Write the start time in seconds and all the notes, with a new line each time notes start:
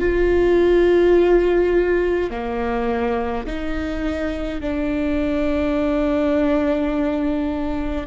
0.00 F4
2.30 A#3
3.47 D#4
4.61 D4